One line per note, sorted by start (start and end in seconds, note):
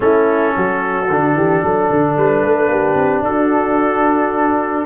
0.00 0.52 A3
0.00 1.06 C#4
0.00 0.55 E4
0.00 2.16 A4
0.55 1.09 F#3
0.55 1.36 F#4
1.09 1.34 D3
1.09 4.85 D4
1.34 1.61 E3
1.34 1.62 G4
1.62 1.90 F#3
1.62 2.70 A4
1.90 2.17 D3
2.17 2.42 G3
2.17 3.24 B4
2.42 2.67 A3
2.67 2.94 A#3
2.67 3.24 G4
2.95 3.22 C4
3.22 4.84 D4
3.22 4.85 F#4
3.22 4.85 A4